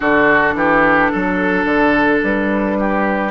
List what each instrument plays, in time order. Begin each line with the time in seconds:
0.00 bassoon D3, clarinet D4, oboe F#4, flute A4
0.54 bassoon E3, oboe G4
1.11 bassoon F#3, oboe A4
1.65 bassoon D3
2.22 bassoon G3, flute B4
2.79 oboe G4